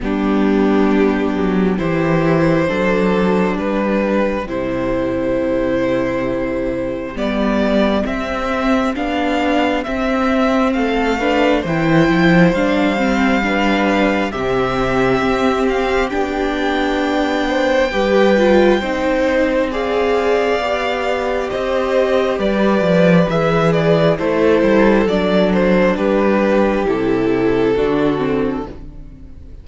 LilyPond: <<
  \new Staff \with { instrumentName = "violin" } { \time 4/4 \tempo 4 = 67 g'2 c''2 | b'4 c''2. | d''4 e''4 f''4 e''4 | f''4 g''4 f''2 |
e''4. f''8 g''2~ | g''2 f''2 | dis''4 d''4 e''8 d''8 c''4 | d''8 c''8 b'4 a'2 | }
  \new Staff \with { instrumentName = "violin" } { \time 4/4 d'2 g'4 a'4 | g'1~ | g'1 | a'8 b'8 c''2 b'4 |
g'2.~ g'8 c''8 | b'4 c''4 d''2 | c''4 b'2 a'4~ | a'4 g'2 fis'4 | }
  \new Staff \with { instrumentName = "viola" } { \time 4/4 b2 e'4 d'4~ | d'4 e'2. | b4 c'4 d'4 c'4~ | c'8 d'8 e'4 d'8 c'8 d'4 |
c'2 d'2 | g'8 f'8 dis'4 gis'4 g'4~ | g'2 gis'4 e'4 | d'2 e'4 d'8 c'8 | }
  \new Staff \with { instrumentName = "cello" } { \time 4/4 g4. fis8 e4 fis4 | g4 c2. | g4 c'4 b4 c'4 | a4 e8 f8 g2 |
c4 c'4 b2 | g4 c'2 b4 | c'4 g8 f8 e4 a8 g8 | fis4 g4 c4 d4 | }
>>